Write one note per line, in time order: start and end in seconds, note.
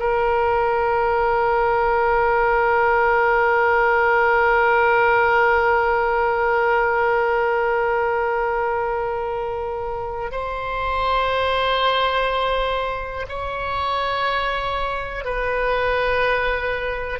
0.00 10.32 A#4
10.32 13.27 C5
13.29 15.25 C#5
15.25 17.20 B4